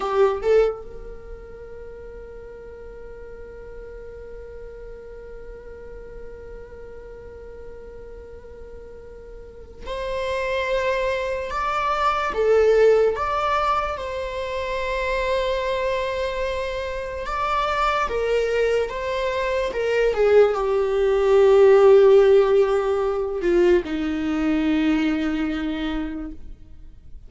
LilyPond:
\new Staff \with { instrumentName = "viola" } { \time 4/4 \tempo 4 = 73 g'8 a'8 ais'2.~ | ais'1~ | ais'1 | c''2 d''4 a'4 |
d''4 c''2.~ | c''4 d''4 ais'4 c''4 | ais'8 gis'8 g'2.~ | g'8 f'8 dis'2. | }